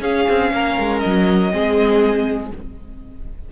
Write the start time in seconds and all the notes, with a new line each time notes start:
0.00 C#4 G#4 F5
0.28 C4
0.52 A#3 A#4
0.79 G#3
0.99 F#3 D#5
1.51 G#3 C4 G#4